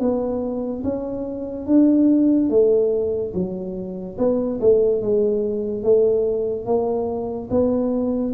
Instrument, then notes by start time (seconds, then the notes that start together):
tuba
0.00 B3
0.84 C#4
1.67 D4
2.50 A3
3.34 F#3
4.18 B3
4.61 A3
5.02 G#3
5.83 A3
6.66 A#3
7.51 B3